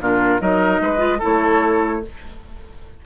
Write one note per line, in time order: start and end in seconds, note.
0.00 0.40 A#2
0.00 0.40 D4
0.00 0.41 F4
0.00 0.41 A#4
0.40 0.80 F#3
0.40 0.97 D#4
0.40 0.81 A#4
0.40 1.21 D#5
0.80 1.20 G#3
0.80 1.18 B4
0.97 1.17 F4
1.18 2.02 E4
1.18 1.99 A4
1.18 2.05 C#5
1.25 2.05 A3